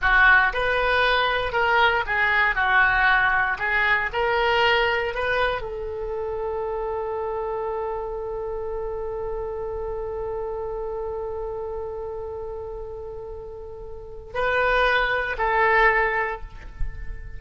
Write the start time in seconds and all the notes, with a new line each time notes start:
0.01 F#4
0.53 B4
1.52 A#4
2.06 G#4
2.55 F#4
3.59 G#4
4.12 A#4
5.14 B4
5.61 A4
14.33 B4
15.38 A4